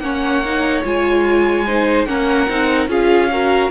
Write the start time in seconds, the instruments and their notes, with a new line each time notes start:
0.00 cello A#3, viola C#4, violin C#5 F#5
0.45 viola D#4
0.84 cello G#3, viola F4, violin G#5
1.67 viola D#4, violin C5
2.05 cello A#3, viola C#4, violin A#4 F#5
2.49 cello C4, viola D#4
2.87 cello C#4, viola F4, violin G#4 F5
3.31 viola F#4, violin A#4